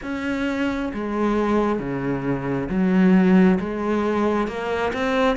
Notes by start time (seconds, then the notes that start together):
0.02 C#4
0.93 G#3
1.79 C#3
2.69 F#3
3.59 G#3
4.47 A#3
4.93 C4